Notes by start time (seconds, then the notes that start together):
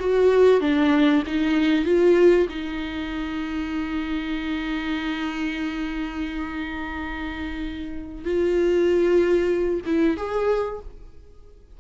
0.00 F#4
0.61 D4
1.27 D#4
1.85 F4
2.49 D#4
8.25 F4
9.86 E4
10.17 G#4